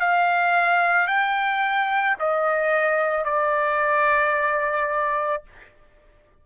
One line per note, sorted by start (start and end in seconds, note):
0.00 1.08 F5
1.08 2.17 G5
2.20 3.25 D#5
3.25 5.43 D5